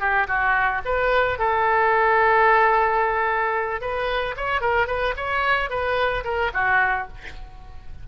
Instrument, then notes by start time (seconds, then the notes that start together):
oboe
0.00 G4
0.27 F#4
0.85 B4
1.39 A4
3.81 B4
4.36 C#5
4.61 A#4
4.87 B4
5.17 C#5
5.70 B4
6.24 A#4
6.54 F#4